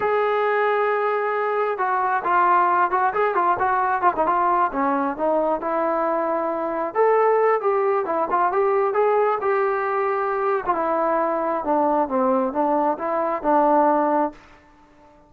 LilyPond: \new Staff \with { instrumentName = "trombone" } { \time 4/4 \tempo 4 = 134 gis'1 | fis'4 f'4. fis'8 gis'8 f'8 | fis'4 f'16 dis'16 f'4 cis'4 dis'8~ | dis'8 e'2. a'8~ |
a'4 g'4 e'8 f'8 g'4 | gis'4 g'2~ g'8. f'16 | e'2 d'4 c'4 | d'4 e'4 d'2 | }